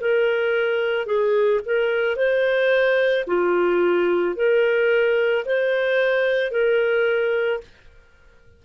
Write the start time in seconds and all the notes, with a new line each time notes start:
0.00 A#4
1.06 G#4
1.65 A#4
2.16 C5
3.27 F4
4.35 A#4
5.45 C5
6.51 A#4